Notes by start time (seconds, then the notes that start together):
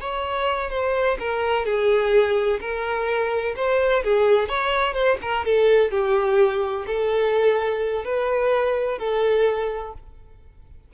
0.00 C#5
0.70 C5
1.19 A#4
1.65 G#4
2.60 A#4
3.56 C5
4.04 G#4
4.48 C#5
4.93 C5
5.22 A#4
5.45 A4
5.91 G4
6.86 A4
8.04 B4
8.98 A4